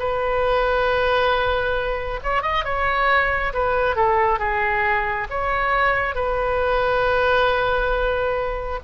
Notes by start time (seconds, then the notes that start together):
0.00 B4
2.23 C#5
2.43 D#5
2.65 C#5
3.54 B4
3.96 A4
4.40 G#4
5.30 C#5
6.15 B4